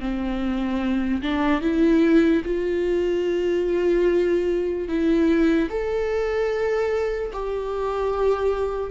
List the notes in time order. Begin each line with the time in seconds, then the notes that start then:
0.00 C4
1.22 D4
1.61 E4
2.45 F4
4.88 E4
5.69 A4
7.33 G4